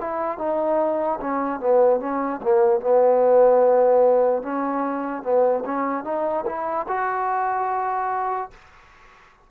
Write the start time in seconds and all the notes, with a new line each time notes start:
0.00 E4
0.38 D#4
1.21 C#4
1.60 B3
2.00 C#4
2.43 A#3
2.81 B3
4.42 C#4
5.23 B3
5.65 C#4
6.04 D#4
6.46 E4
6.88 F#4